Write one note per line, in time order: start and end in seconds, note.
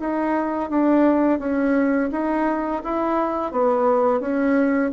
0.00 0.70 D#4
0.70 1.39 D4
1.39 2.10 C#4
2.12 2.82 D#4
2.84 3.52 E4
3.52 4.20 B3
4.20 4.91 C#4